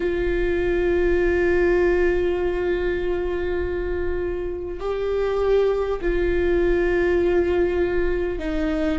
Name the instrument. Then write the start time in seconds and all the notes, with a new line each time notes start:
viola
0.00 F4
4.79 G4
6.01 F4
8.38 D#4